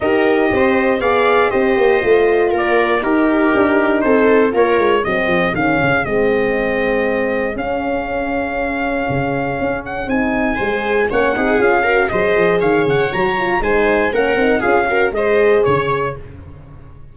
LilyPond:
<<
  \new Staff \with { instrumentName = "trumpet" } { \time 4/4 \tempo 4 = 119 dis''2 f''4 dis''4~ | dis''4 d''4 ais'2 | c''4 cis''4 dis''4 f''4 | dis''2. f''4~ |
f''2.~ f''8 fis''8 | gis''2 fis''4 f''4 | dis''4 f''8 fis''8 ais''4 gis''4 | fis''4 f''4 dis''4 cis''4 | }
  \new Staff \with { instrumentName = "viola" } { \time 4/4 ais'4 c''4 d''4 c''4~ | c''4 ais'4 g'2 | a'4 ais'4 gis'2~ | gis'1~ |
gis'1~ | gis'4 c''4 cis''8 gis'4 ais'8 | c''4 cis''2 c''4 | ais'4 gis'8 ais'8 c''4 cis''4 | }
  \new Staff \with { instrumentName = "horn" } { \time 4/4 g'2 gis'4 g'4 | f'2 dis'2~ | dis'4 f'4 c'4 cis'4 | c'2. cis'4~ |
cis'1 | dis'4 gis'4 cis'8 dis'8 f'8 fis'8 | gis'2 fis'8 f'8 dis'4 | cis'8 dis'8 f'8 fis'8 gis'2 | }
  \new Staff \with { instrumentName = "tuba" } { \time 4/4 dis'4 c'4 b4 c'8 ais8 | a4 ais4 dis'4 d'4 | c'4 ais8 gis8 fis8 f8 dis8 cis8 | gis2. cis'4~ |
cis'2 cis4 cis'4 | c'4 gis4 ais8 c'8 cis'4 | fis8 f8 dis8 cis8 fis4 gis4 | ais8 c'8 cis'4 gis4 cis4 | }
>>